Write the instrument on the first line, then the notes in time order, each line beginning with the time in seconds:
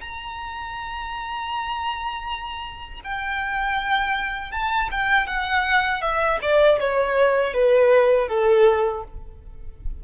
violin
0.00 A#5
3.04 G5
4.51 A5
4.91 G5
5.26 F#5
6.01 E5
6.42 D5
6.79 C#5
7.53 B4
8.28 A4